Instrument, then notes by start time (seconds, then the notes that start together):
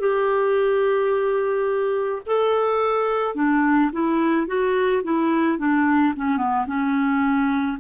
clarinet
0.00 G4
2.26 A4
3.35 D4
3.92 E4
4.47 F#4
5.03 E4
5.58 D4
6.16 C#4
6.37 B3
6.67 C#4